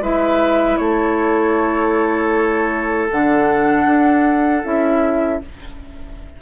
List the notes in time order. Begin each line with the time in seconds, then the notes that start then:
0.00 G#3 E4 B4 E5
0.77 A3 A4 C#5
3.11 D3 D4 F#5
3.86 D4
4.64 C#4 E4 E5